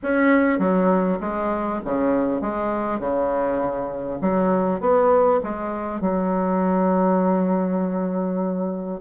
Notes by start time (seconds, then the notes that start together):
0.02 C#4
0.58 F#3
1.20 G#3
1.84 C#3
2.41 G#3
2.99 C#3
4.21 F#3
4.80 B3
5.43 G#3
6.01 F#3